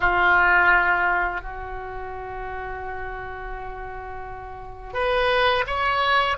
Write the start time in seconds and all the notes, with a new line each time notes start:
0.00 F4
1.41 F#4
4.93 B4
5.66 C#5